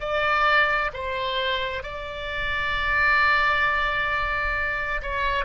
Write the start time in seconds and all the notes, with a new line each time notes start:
0.00 D5
0.93 C5
1.83 D5
5.02 C#5